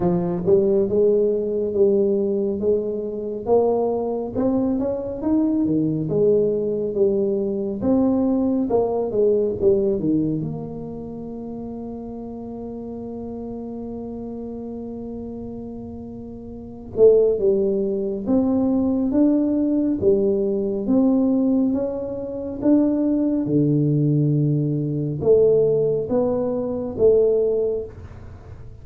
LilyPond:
\new Staff \with { instrumentName = "tuba" } { \time 4/4 \tempo 4 = 69 f8 g8 gis4 g4 gis4 | ais4 c'8 cis'8 dis'8 dis8 gis4 | g4 c'4 ais8 gis8 g8 dis8 | ais1~ |
ais2.~ ais8 a8 | g4 c'4 d'4 g4 | c'4 cis'4 d'4 d4~ | d4 a4 b4 a4 | }